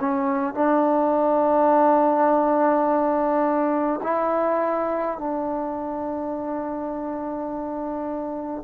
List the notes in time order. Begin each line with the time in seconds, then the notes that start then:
0.00 C#4
0.54 D4
4.03 E4
5.18 D4